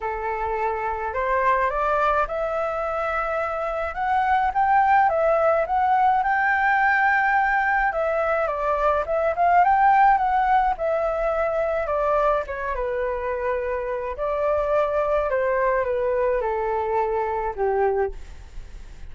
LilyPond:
\new Staff \with { instrumentName = "flute" } { \time 4/4 \tempo 4 = 106 a'2 c''4 d''4 | e''2. fis''4 | g''4 e''4 fis''4 g''4~ | g''2 e''4 d''4 |
e''8 f''8 g''4 fis''4 e''4~ | e''4 d''4 cis''8 b'4.~ | b'4 d''2 c''4 | b'4 a'2 g'4 | }